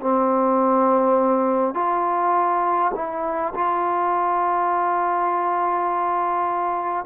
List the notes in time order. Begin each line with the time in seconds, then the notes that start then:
0.00 C4
1.74 F4
2.95 E4
3.55 F4